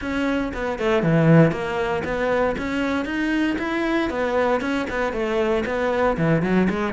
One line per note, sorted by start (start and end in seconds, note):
0.01 0.52 C#4
0.53 0.78 B3
0.78 1.03 A3
1.03 1.51 E3
1.51 2.03 A#3
2.04 2.55 B3
2.58 3.05 C#4
3.05 3.56 D#4
3.58 4.09 E4
4.10 4.60 B3
4.60 4.86 C#4
4.90 5.12 B3
5.12 5.64 A3
5.65 6.17 B3
6.17 6.42 E3
6.42 6.68 F#3
6.69 6.93 G#3